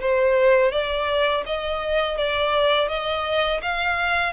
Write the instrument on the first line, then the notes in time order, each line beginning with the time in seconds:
violin
0.00 C5
0.71 D5
1.46 D#5
2.18 D5
2.88 D#5
3.62 F5